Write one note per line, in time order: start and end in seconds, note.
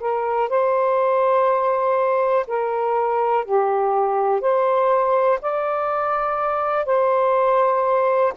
0.00 0.49 A#4
0.49 2.46 C5
2.47 3.45 A#4
3.45 4.41 G4
4.41 5.39 C5
5.42 6.86 D5
6.86 8.33 C5